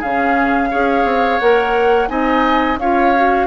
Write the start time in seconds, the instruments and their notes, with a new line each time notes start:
0.00 bassoon C#3, clarinet C#4, oboe G#4, flute F5
0.71 bassoon C#4, clarinet G#4, oboe C#5
1.05 bassoon C4
1.40 bassoon A#3, clarinet A#4, flute F#5
2.09 bassoon C4, clarinet D#4, oboe D#5, flute G#5
2.78 bassoon C#4, clarinet F4, oboe C#5, flute F5
3.16 clarinet F#4